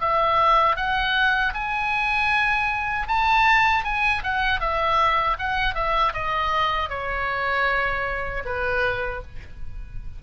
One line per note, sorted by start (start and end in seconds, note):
0.00 0.76 E5
0.76 1.53 F#5
1.53 3.07 G#5
3.08 3.84 A5
3.84 4.23 G#5
4.23 4.60 F#5
4.60 5.37 E5
5.38 5.74 F#5
5.74 6.13 E5
6.13 6.89 D#5
6.89 8.43 C#5
8.45 9.22 B4